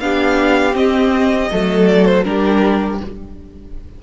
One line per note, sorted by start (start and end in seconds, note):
0.00 0.75 B3
0.00 0.72 D4
0.00 1.51 G4
0.00 0.75 F5
0.72 1.47 C4
0.72 1.50 C4
0.72 1.88 D#5
1.51 2.25 F#3
1.51 2.24 A3
1.51 2.26 A4
1.88 2.05 D5
2.05 2.24 C5
2.24 3.00 G3
2.24 2.99 D4
2.24 3.03 G4
2.24 2.99 A#4